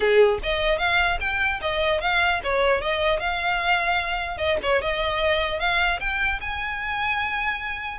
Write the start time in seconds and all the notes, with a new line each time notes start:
0.00 G#4
0.42 D#5
0.78 F5
1.20 G5
1.61 D#5
2.00 F5
2.43 C#5
2.81 D#5
3.19 F5
4.37 D#5
4.62 C#5
4.81 D#5
5.59 F5
5.99 G5
6.41 G#5